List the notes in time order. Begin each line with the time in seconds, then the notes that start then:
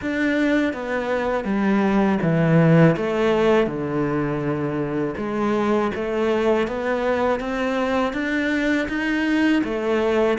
0.01 D4
0.73 B3
1.44 G3
2.22 E3
2.96 A3
3.66 D3
5.17 G#3
5.95 A3
6.67 B3
7.39 C4
8.13 D4
8.88 D#4
9.64 A3